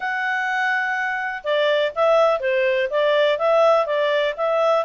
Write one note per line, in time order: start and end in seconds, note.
0.00 1.42 F#5
1.43 1.91 D5
1.95 2.40 E5
2.40 2.88 C5
2.90 3.38 D5
3.38 3.86 E5
3.86 4.34 D5
4.36 4.85 E5